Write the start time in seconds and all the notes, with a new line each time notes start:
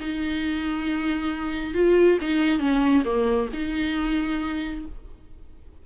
0.00 D#4
1.74 F4
2.21 D#4
2.59 C#4
3.05 A#3
3.53 D#4